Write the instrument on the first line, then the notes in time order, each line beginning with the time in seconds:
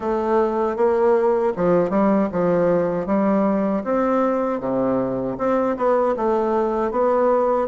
bassoon
0.00 A3
0.76 A#3
1.56 F3
1.90 G3
2.32 F3
3.06 G3
3.84 C4
4.60 C3
5.38 C4
5.77 B3
6.16 A3
6.91 B3